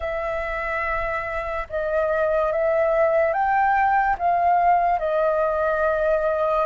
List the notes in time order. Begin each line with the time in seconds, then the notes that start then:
0.00 E5
1.69 D#5
2.52 E5
3.33 G5
4.18 F5
4.99 D#5